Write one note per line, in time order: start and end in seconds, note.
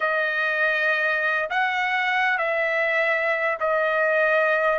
0.00 1.49 D#5
1.49 2.38 F#5
2.38 3.58 E5
3.59 4.79 D#5